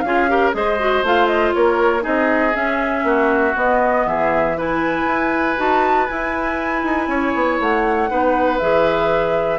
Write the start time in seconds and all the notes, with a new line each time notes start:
0.00 C#4 F4 G#4 F5
0.28 G4 A#4
0.52 G#3 G#4 C5 D#5
0.79 F#4
1.02 A3 F4 F5
1.27 D#5
1.53 A#3 A#4 C#5
2.00 C4 D#4 G#4 D#5
2.53 C#4 E5
3.03 A#3 F#4
3.54 B3 D#5
4.06 E3 G#4 E5
4.57 E4 B4 G#5
5.05 E4
5.56 D#4 F#4 A5
6.07 E4 G#5
6.83 D#4
7.07 C#4 C#5
7.34 B3
7.59 A3 F#5
8.09 B3 D#4 B4
8.58 E3 G#4 E5